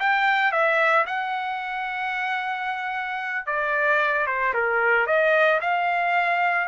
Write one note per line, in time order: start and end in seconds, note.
0.00 0.52 G5
0.52 1.06 E5
1.06 3.47 F#5
3.47 4.27 D5
4.27 4.54 C5
4.54 5.07 A#4
5.07 5.60 D#5
5.61 6.68 F5